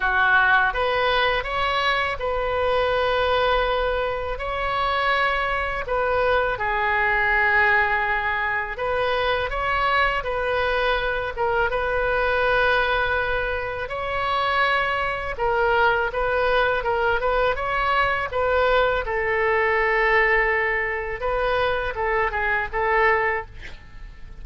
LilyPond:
\new Staff \with { instrumentName = "oboe" } { \time 4/4 \tempo 4 = 82 fis'4 b'4 cis''4 b'4~ | b'2 cis''2 | b'4 gis'2. | b'4 cis''4 b'4. ais'8 |
b'2. cis''4~ | cis''4 ais'4 b'4 ais'8 b'8 | cis''4 b'4 a'2~ | a'4 b'4 a'8 gis'8 a'4 | }